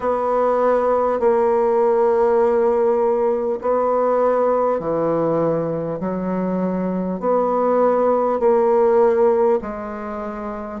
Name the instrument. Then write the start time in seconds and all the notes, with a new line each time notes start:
bassoon
0.00 B3
1.19 A#3
3.61 B3
4.79 E3
5.99 F#3
7.19 B3
8.39 A#3
9.61 G#3